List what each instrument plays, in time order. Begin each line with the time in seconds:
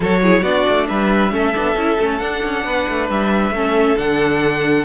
0.00 cello F#3, viola F#4, violin A4 C#5
0.22 viola E4, violin G#4
0.42 cello B3, viola D4, violin F#4 D5
0.69 cello A3
0.88 cello G3, violin B4 E5
1.30 cello A3, viola C#4, violin A4
1.54 cello B3, viola D4
1.75 cello C#4, viola E4
1.99 cello A3, viola C#4
2.18 cello D4, viola D4, violin F#5
2.44 cello C#4
2.64 cello B3, violin B4
2.87 cello A3
3.09 cello G3, violin E5
3.50 cello A3, viola C#4, violin A4
3.96 cello D3, viola D4, violin F#5